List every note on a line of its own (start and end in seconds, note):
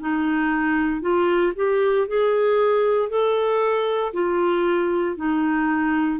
0.00 1.01 D#4
1.01 1.53 F4
1.56 2.07 G4
2.07 3.09 G#4
3.09 4.13 A4
4.13 5.16 F4
5.16 6.20 D#4